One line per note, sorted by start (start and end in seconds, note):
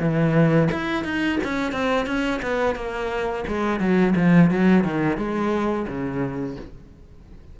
0.00 0.69 E3
0.72 1.05 E4
1.05 1.39 D#4
1.45 1.72 C#4
1.72 2.07 C4
2.07 2.41 C#4
2.43 2.76 B3
2.76 3.45 A#3
3.48 3.80 G#3
3.80 4.15 F#3
4.16 4.51 F3
4.51 4.85 F#3
4.85 5.18 D#3
5.18 5.87 G#3
5.88 6.57 C#3